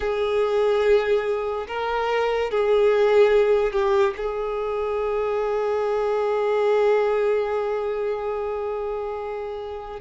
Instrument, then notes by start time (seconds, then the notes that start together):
violin
0.00 G#4
1.67 A#4
2.50 G#4
3.72 G4
4.16 G#4